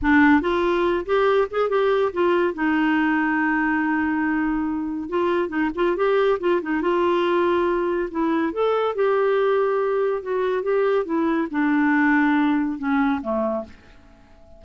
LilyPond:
\new Staff \with { instrumentName = "clarinet" } { \time 4/4 \tempo 4 = 141 d'4 f'4. g'4 gis'8 | g'4 f'4 dis'2~ | dis'1 | f'4 dis'8 f'8 g'4 f'8 dis'8 |
f'2. e'4 | a'4 g'2. | fis'4 g'4 e'4 d'4~ | d'2 cis'4 a4 | }